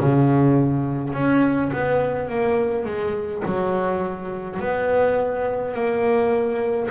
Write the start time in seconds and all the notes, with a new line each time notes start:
0.00 C#3
1.13 C#4
1.72 B3
2.29 A#3
2.85 G#3
3.45 F#3
4.59 B3
5.74 A#3